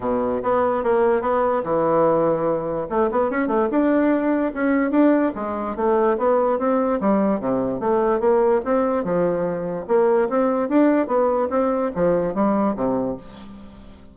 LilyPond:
\new Staff \with { instrumentName = "bassoon" } { \time 4/4 \tempo 4 = 146 b,4 b4 ais4 b4 | e2. a8 b8 | cis'8 a8 d'2 cis'4 | d'4 gis4 a4 b4 |
c'4 g4 c4 a4 | ais4 c'4 f2 | ais4 c'4 d'4 b4 | c'4 f4 g4 c4 | }